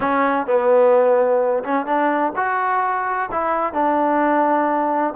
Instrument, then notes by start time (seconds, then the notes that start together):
trombone
0.00 C#4
0.46 B3
1.64 C#4
1.86 D4
2.36 F#4
3.31 E4
3.73 D4